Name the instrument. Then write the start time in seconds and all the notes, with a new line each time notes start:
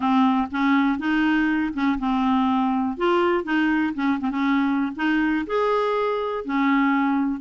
clarinet
0.00 C4
0.51 C#4
0.98 D#4
1.73 C#4
1.98 C4
2.97 F4
3.43 D#4
3.94 C#4
4.20 C4
4.30 C#4
4.96 D#4
5.46 G#4
6.44 C#4